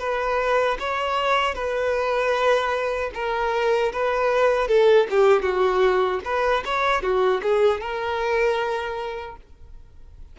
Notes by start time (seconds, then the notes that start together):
0.00 B4
0.80 C#5
1.55 B4
3.15 A#4
3.93 B4
4.68 A4
5.11 G4
5.43 F#4
6.25 B4
6.65 C#5
7.02 F#4
7.43 G#4
7.81 A#4